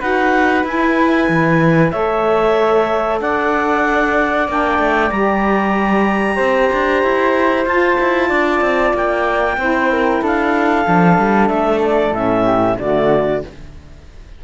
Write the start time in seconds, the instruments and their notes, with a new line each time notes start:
0.00 cello D#4, saxophone F#4, flute B4, clarinet F#5
0.64 cello E4, saxophone E4, clarinet G#5
1.28 cello E3
1.91 cello A3, saxophone A4, flute C#5, clarinet E5
3.21 cello D4, flute D5, clarinet F#5
4.47 cello A#3, saxophone D4, clarinet G5
4.78 cello A3
5.10 cello G3, saxophone G4, clarinet A#5
6.36 cello C4, flute C5
6.73 cello D4
7.03 cello E4
7.65 cello F4, saxophone F4, clarinet A5
8.00 cello E4
8.28 cello D4, flute D5
8.61 cello C4
8.93 cello A#3, clarinet G5
9.57 cello C4, saxophone E4, flute C5
9.91 flute A#4
10.22 cello D4, flute A4, clarinet F5
10.84 cello F3, saxophone D4
11.18 cello G3
11.48 cello A3, clarinet E5
11.82 clarinet D5
12.12 cello A2, saxophone C#4, clarinet E5
12.44 flute G4
12.78 cello D3, saxophone A3, flute F#4, clarinet D5